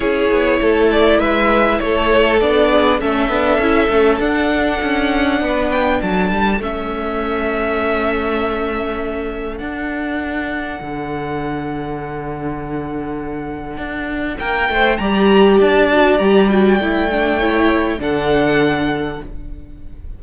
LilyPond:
<<
  \new Staff \with { instrumentName = "violin" } { \time 4/4 \tempo 4 = 100 cis''4. d''8 e''4 cis''4 | d''4 e''2 fis''4~ | fis''4. g''8 a''4 e''4~ | e''1 |
fis''1~ | fis''1 | g''4 ais''4 a''4 ais''8 g''8~ | g''2 fis''2 | }
  \new Staff \with { instrumentName = "violin" } { \time 4/4 gis'4 a'4 b'4 a'4~ | a'8 gis'8 a'2.~ | a'4 b'4 a'2~ | a'1~ |
a'1~ | a'1 | ais'8 c''8 d''2.~ | d''4 cis''4 a'2 | }
  \new Staff \with { instrumentName = "viola" } { \time 4/4 e'1 | d'4 cis'8 d'8 e'8 cis'8 d'4~ | d'2. cis'4~ | cis'1 |
d'1~ | d'1~ | d'4 g'4. fis'8 g'8 fis'8 | e'8 d'8 e'4 d'2 | }
  \new Staff \with { instrumentName = "cello" } { \time 4/4 cis'8 b8 a4 gis4 a4 | b4 a8 b8 cis'8 a8 d'4 | cis'4 b4 fis8 g8 a4~ | a1 |
d'2 d2~ | d2. d'4 | ais8 a8 g4 d'4 g4 | a2 d2 | }
>>